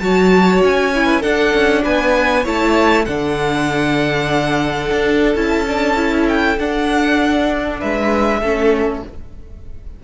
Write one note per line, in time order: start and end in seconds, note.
0.00 0.61 F#3
0.00 0.93 F#4
0.00 1.06 C#5
0.00 0.61 A5
0.62 1.23 C#4
0.62 1.22 G#5
0.94 1.22 E4
1.06 1.20 B4
1.20 2.45 D4
1.20 1.54 D4
1.20 1.81 A4
1.20 1.83 F#5
1.54 1.84 C#4
1.83 2.45 B3
1.83 2.43 B4
1.83 2.46 G#5
2.43 3.07 A3
2.43 3.06 E4
2.43 3.04 C#5
2.43 3.05 A5
3.05 4.91 D3
3.05 5.35 D4
3.05 7.79 A4
3.05 5.35 F#5
4.91 5.35 D4
5.35 6.58 C#4
5.35 5.66 E4
5.35 6.27 A5
5.68 5.96 D4
5.96 6.57 E4
6.28 6.59 G5
6.58 7.80 D4
6.58 8.43 D4
6.58 7.80 F#5
7.79 8.41 G#3
7.79 8.41 B4
7.79 9.03 E5
8.41 9.02 A3
8.41 9.04 C#4
8.41 9.03 A4